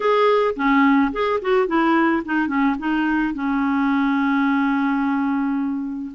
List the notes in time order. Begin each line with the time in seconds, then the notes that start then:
0.00 G#4
0.56 C#4
1.12 G#4
1.41 F#4
1.67 E4
2.25 D#4
2.47 C#4
2.78 D#4
3.34 C#4